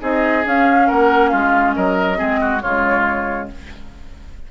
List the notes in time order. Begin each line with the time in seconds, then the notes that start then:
0.00 C4 D#4 G#4 D#5
0.44 C#4 F5
0.87 A#3 A#4 F#5
1.28 G#3 F4 F5
1.75 F#3 A#4 D#5
2.15 G#3 C4 G#4
2.41 F#4
2.61 C#3 G#3 F4 C#5